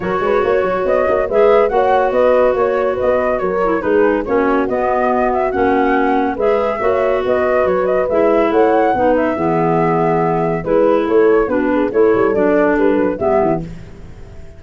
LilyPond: <<
  \new Staff \with { instrumentName = "flute" } { \time 4/4 \tempo 4 = 141 cis''2 dis''4 e''4 | fis''4 dis''4 cis''4 dis''4 | cis''4 b'4 cis''4 dis''4~ | dis''8 e''8 fis''2 e''4~ |
e''4 dis''4 cis''8 dis''8 e''4 | fis''4. e''2~ e''8~ | e''4 b'4 cis''4 b'4 | cis''4 d''4 b'4 e''4 | }
  \new Staff \with { instrumentName = "horn" } { \time 4/4 ais'8 b'8 cis''2 b'4 | cis''4 b'4 cis''4 b'4 | ais'4 gis'4 fis'2~ | fis'2. b'4 |
cis''4 b'2. | cis''4 b'4 gis'2~ | gis'4 b'4 a'4 fis'8 gis'8 | a'2. g'4 | }
  \new Staff \with { instrumentName = "clarinet" } { \time 4/4 fis'2. gis'4 | fis'1~ | fis'8 e'8 dis'4 cis'4 b4~ | b4 cis'2 gis'4 |
fis'2. e'4~ | e'4 dis'4 b2~ | b4 e'2 d'4 | e'4 d'2 b4 | }
  \new Staff \with { instrumentName = "tuba" } { \time 4/4 fis8 gis8 ais8 fis8 b8 ais8 gis4 | ais4 b4 ais4 b4 | fis4 gis4 ais4 b4~ | b4 ais2 gis4 |
ais4 b4 fis4 gis4 | a4 b4 e2~ | e4 gis4 a4 b4 | a8 g8 fis4 g8 fis8 g8 e8 | }
>>